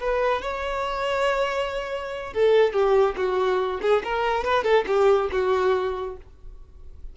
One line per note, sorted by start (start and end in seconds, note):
0.00 0.42 B4
0.42 2.33 C#5
2.33 2.73 A4
2.73 3.16 G4
3.17 3.81 F#4
3.81 4.03 G#4
4.04 4.44 A#4
4.44 4.64 B4
4.64 4.85 A4
4.87 5.30 G4
5.32 6.17 F#4